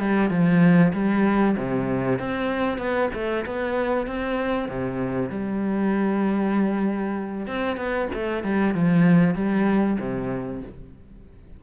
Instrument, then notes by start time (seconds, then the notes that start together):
cello
0.00 G3
0.30 F3
0.93 G3
1.57 C3
2.19 C4
2.78 B3
3.14 A3
3.45 B3
4.07 C4
4.69 C3
5.30 G3
7.47 C4
7.77 B3
8.14 A3
8.44 G3
8.74 F3
9.35 G3
9.99 C3